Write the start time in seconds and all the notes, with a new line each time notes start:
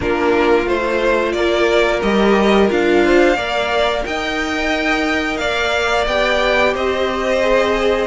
0.00 A#3 D4 F4 A#4
0.66 A3 F4 C5
1.32 A#3 A#4 D5
2.01 G3 G4 D#5
2.68 D4 F4 F5
3.04 C5
3.36 A#3 A#4 D5
4.05 D#4 D#5 G5
5.37 A#3 D5 F5
6.06 B3 G4 G5
6.73 C4 C5 D#5
7.41 G#4